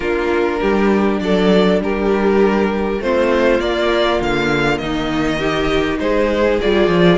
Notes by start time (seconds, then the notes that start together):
0.00 A#3 D4 F4 A#4
0.60 G3 G4
1.20 F#3 A4 D5
1.79 G3 G4 A#4
2.99 A3 C4 F4 C5
3.59 A#3 D5
4.20 D3 F5
4.78 D#3 D#4 D#5
5.39 D#4 G4
5.99 G#3 G#4 C5
6.61 G3 F4 D5
6.87 F3